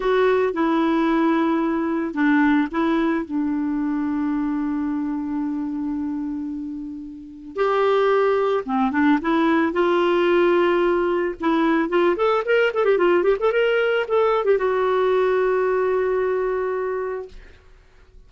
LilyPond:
\new Staff \with { instrumentName = "clarinet" } { \time 4/4 \tempo 4 = 111 fis'4 e'2. | d'4 e'4 d'2~ | d'1~ | d'2 g'2 |
c'8 d'8 e'4 f'2~ | f'4 e'4 f'8 a'8 ais'8 a'16 g'16 | f'8 g'16 a'16 ais'4 a'8. g'16 fis'4~ | fis'1 | }